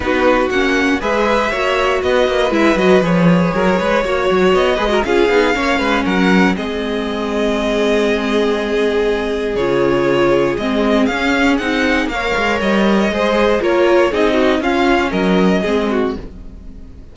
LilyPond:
<<
  \new Staff \with { instrumentName = "violin" } { \time 4/4 \tempo 4 = 119 b'4 fis''4 e''2 | dis''4 e''8 dis''8 cis''2~ | cis''4 dis''4 f''2 | fis''4 dis''2.~ |
dis''2. cis''4~ | cis''4 dis''4 f''4 fis''4 | f''4 dis''2 cis''4 | dis''4 f''4 dis''2 | }
  \new Staff \with { instrumentName = "violin" } { \time 4/4 fis'2 b'4 cis''4 | b'2. ais'8 b'8 | cis''4. b'16 ais'16 gis'4 cis''8 b'8 | ais'4 gis'2.~ |
gis'1~ | gis'1 | cis''2 c''4 ais'4 | gis'8 fis'8 f'4 ais'4 gis'8 fis'8 | }
  \new Staff \with { instrumentName = "viola" } { \time 4/4 dis'4 cis'4 gis'4 fis'4~ | fis'4 e'8 fis'8 gis'2 | fis'4. gis'16 fis'16 f'8 dis'8 cis'4~ | cis'4 c'2.~ |
c'2. f'4~ | f'4 c'4 cis'4 dis'4 | ais'2 gis'4 f'4 | dis'4 cis'2 c'4 | }
  \new Staff \with { instrumentName = "cello" } { \time 4/4 b4 ais4 gis4 ais4 | b8 ais8 gis8 fis8 f4 fis8 gis8 | ais8 fis8 b8 gis8 cis'8 b8 ais8 gis8 | fis4 gis2.~ |
gis2. cis4~ | cis4 gis4 cis'4 c'4 | ais8 gis8 g4 gis4 ais4 | c'4 cis'4 fis4 gis4 | }
>>